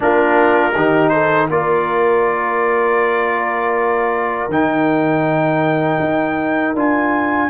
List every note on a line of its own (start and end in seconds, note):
0.00 0.75 A#3
0.00 0.72 D4
0.00 0.74 F4
0.00 1.09 A#4
0.74 1.49 D#3
0.74 1.50 D#4
0.74 1.12 G4
1.09 1.50 A4
1.09 1.46 C5
1.49 4.48 A#3
1.49 4.50 F4
1.49 7.49 A#4
1.49 4.51 D5
4.48 5.98 D#3
4.48 6.75 D#4
4.48 6.76 G5
5.99 6.74 D#4
6.74 7.49 D4
6.74 7.49 F4
6.74 7.49 G#5